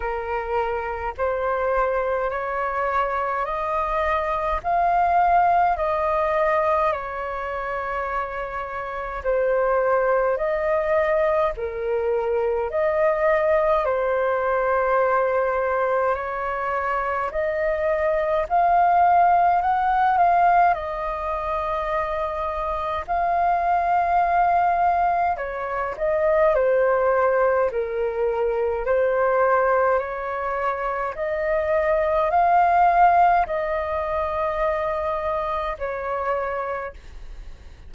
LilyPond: \new Staff \with { instrumentName = "flute" } { \time 4/4 \tempo 4 = 52 ais'4 c''4 cis''4 dis''4 | f''4 dis''4 cis''2 | c''4 dis''4 ais'4 dis''4 | c''2 cis''4 dis''4 |
f''4 fis''8 f''8 dis''2 | f''2 cis''8 dis''8 c''4 | ais'4 c''4 cis''4 dis''4 | f''4 dis''2 cis''4 | }